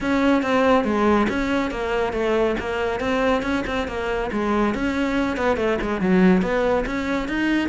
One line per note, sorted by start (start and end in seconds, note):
0.01 0.42 C#4
0.42 0.84 C4
0.84 1.27 G#3
1.29 1.70 C#4
1.70 2.12 A#3
2.12 2.55 A3
2.59 3.00 A#3
3.00 3.42 C4
3.42 3.64 C#4
3.66 3.87 C4
3.87 4.30 A#3
4.32 4.74 G#3
4.74 5.36 C#4
5.36 5.56 B3
5.56 5.78 A3
5.81 6.00 G#3
6.00 6.42 F#3
6.42 6.85 B3
6.86 7.28 C#4
7.28 7.68 D#4